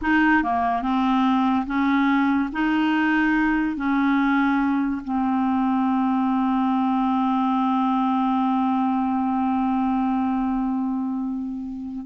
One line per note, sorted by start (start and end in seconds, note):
0.02 0.43 D#4
0.43 0.82 A#3
0.82 1.65 C4
1.66 2.49 C#4
2.52 3.76 D#4
3.76 5.01 C#4
5.04 12.06 C4